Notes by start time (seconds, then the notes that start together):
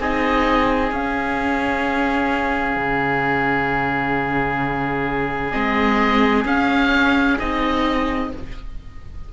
0.00 C4 D#4 G#4 D#5
0.92 C#4 F5
2.77 C#3
5.52 G#3 C4 D#5
6.45 C#4 F5
7.39 C4 D#4 D#5